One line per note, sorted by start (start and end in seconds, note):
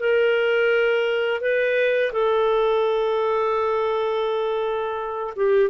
0.00 1.41 A#4
1.41 2.12 B4
2.13 5.34 A4
5.37 5.70 G4